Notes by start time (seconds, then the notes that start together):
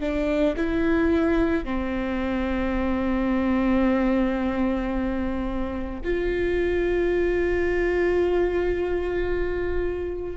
0.00 D4
0.56 E4
1.64 C4
6.03 F4